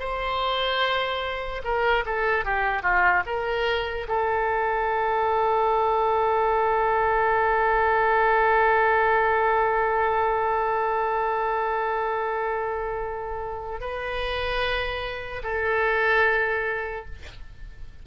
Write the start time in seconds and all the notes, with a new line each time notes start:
0.00 C5
1.64 A#4
2.06 A4
2.45 G4
2.83 F4
3.26 A#4
4.08 A4
13.81 B4
15.43 A4